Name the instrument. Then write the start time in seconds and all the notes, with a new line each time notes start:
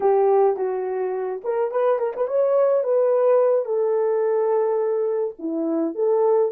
horn
0.00 G4
0.56 F#4
1.44 A#4
1.71 B4
1.98 A#4
2.15 B4
2.27 C#5
2.83 B4
3.65 A4
5.38 E4
5.94 A4